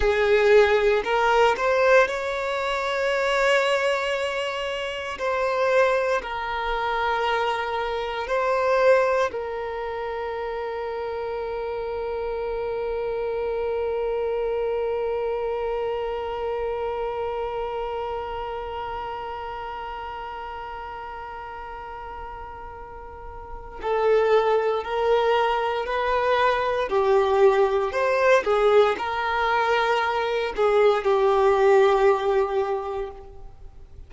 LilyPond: \new Staff \with { instrumentName = "violin" } { \time 4/4 \tempo 4 = 58 gis'4 ais'8 c''8 cis''2~ | cis''4 c''4 ais'2 | c''4 ais'2.~ | ais'1~ |
ais'1~ | ais'2. a'4 | ais'4 b'4 g'4 c''8 gis'8 | ais'4. gis'8 g'2 | }